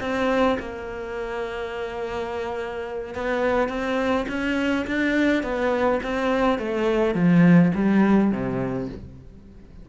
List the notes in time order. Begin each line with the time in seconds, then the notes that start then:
0.00 C4
0.59 A#3
3.14 B3
3.68 C4
4.28 C#4
4.87 D4
5.43 B3
6.03 C4
6.58 A3
7.14 F3
7.74 G3
8.31 C3